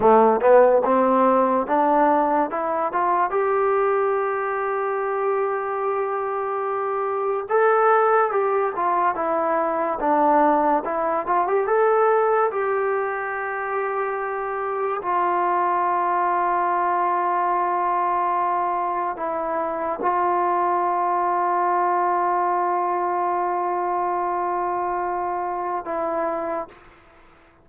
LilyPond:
\new Staff \with { instrumentName = "trombone" } { \time 4/4 \tempo 4 = 72 a8 b8 c'4 d'4 e'8 f'8 | g'1~ | g'4 a'4 g'8 f'8 e'4 | d'4 e'8 f'16 g'16 a'4 g'4~ |
g'2 f'2~ | f'2. e'4 | f'1~ | f'2. e'4 | }